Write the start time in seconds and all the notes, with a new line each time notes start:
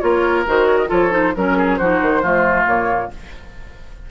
0.00 A#3 F4 A#4 C#5
0.47 D#3 F#4 C5
0.66 C#5
0.77 D#5
0.87 F3 F4 A4 C#5
1.11 D#4 C5
1.35 F#3 C#4 A#4
1.57 G#4
1.77 F3 D#4 F#4 C5
2.02 D#3
2.22 F3 A3 F4
2.66 A#2 A#3 C#5